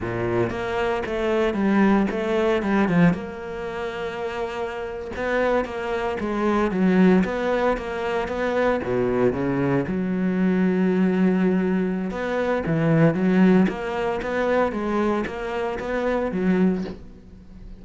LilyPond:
\new Staff \with { instrumentName = "cello" } { \time 4/4 \tempo 4 = 114 ais,4 ais4 a4 g4 | a4 g8 f8 ais2~ | ais4.~ ais16 b4 ais4 gis16~ | gis8. fis4 b4 ais4 b16~ |
b8. b,4 cis4 fis4~ fis16~ | fis2. b4 | e4 fis4 ais4 b4 | gis4 ais4 b4 fis4 | }